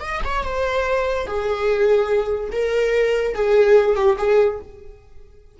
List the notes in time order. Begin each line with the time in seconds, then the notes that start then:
0.00 D#5
0.24 C#5
0.43 C5
1.26 G#4
2.51 A#4
3.34 G#4
3.96 G4
4.18 G#4